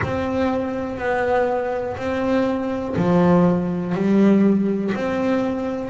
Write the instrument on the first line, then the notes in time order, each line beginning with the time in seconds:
double bass
0.03 C4
0.98 B3
1.97 C4
2.96 F3
3.94 G3
4.94 C4